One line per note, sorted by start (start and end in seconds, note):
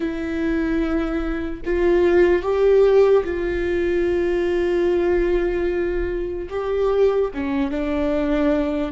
0.00 1.61 E4
1.65 2.42 F4
2.42 3.23 G4
3.24 6.49 F4
6.49 7.30 G4
7.34 7.70 C#4
7.70 8.92 D4